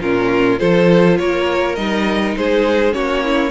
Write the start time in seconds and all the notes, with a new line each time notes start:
0.00 A#2 C#4 F4 A#4
0.58 F3 F4 A4 C5
1.17 A#3 A#4 C#5
1.75 G3 D#4 D#5
2.36 G#3 G#4 C5
2.91 A#3 C#4 F#4 C#5
3.23 E4